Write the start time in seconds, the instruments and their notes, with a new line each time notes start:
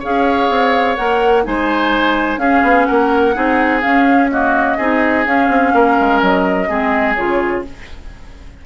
0.00 bassoon C#4, clarinet G#4, oboe C#5, flute F5
0.49 bassoon C4
0.96 bassoon A#3, clarinet A#4, flute F#5
1.44 bassoon G#3, clarinet D#4, oboe C5, flute G#5
2.38 bassoon C#4, clarinet C#4, oboe G#4, flute F5
2.63 bassoon B3
2.85 bassoon A#3, oboe A#4, flute F#5
3.34 bassoon C4, clarinet D#4, oboe G#4
3.81 clarinet C#4, bassoon C#4, flute F5
4.31 clarinet A#3, oboe F#4, flute D#5
4.77 bassoon C4, clarinet D#4, oboe G#4
5.26 clarinet C#4, bassoon C#4, flute F5
5.49 bassoon C4
5.74 bassoon A#3, oboe A#4
6.00 bassoon G#3
6.22 bassoon F#3, flute D#5
6.68 bassoon G#3, clarinet C4, oboe G#4
7.15 bassoon C#3, clarinet F4, flute C#5